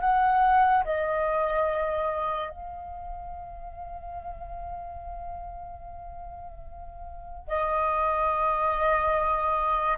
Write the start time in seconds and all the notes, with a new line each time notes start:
0.00 F#5
0.84 D#5
2.50 F5
7.48 D#5